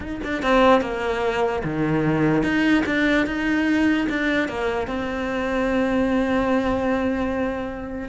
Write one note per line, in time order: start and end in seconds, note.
0.00 0.20 D#4
0.23 0.42 D4
0.42 0.81 C4
0.81 1.62 A#3
1.63 2.43 D#3
2.43 2.83 D#4
2.86 3.26 D4
3.26 4.07 D#4
4.09 4.48 D4
4.48 4.87 A#3
4.87 8.08 C4